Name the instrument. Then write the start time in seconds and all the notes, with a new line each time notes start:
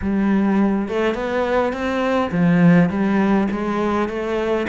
cello
0.01 G3
0.88 A3
1.14 B3
1.72 C4
2.31 F3
2.89 G3
3.51 G#3
4.08 A3